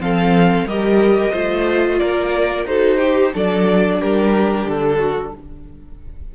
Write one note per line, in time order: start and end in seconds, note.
0.00 0.65 F3
0.00 0.67 C4
0.00 0.67 A4
0.00 0.68 F5
0.65 1.31 G3
0.65 1.34 G4
0.65 1.32 A#4
0.65 1.99 D#5
1.32 2.01 A3
1.32 2.67 F4
1.32 1.99 C5
1.99 2.66 A#3
1.99 2.67 A#4
1.99 2.66 D5
2.66 3.32 D#4
2.66 3.01 F#4
2.66 2.98 A4
2.66 3.34 C5
2.98 3.31 G4
2.98 3.34 G4
3.34 4.02 F#3
3.34 5.34 D4
3.34 4.00 A4
3.34 4.02 D5
4.00 4.65 G3
4.00 4.98 G4
4.00 4.69 A#4
4.65 5.32 D3
4.65 5.35 A4
4.98 5.32 F#4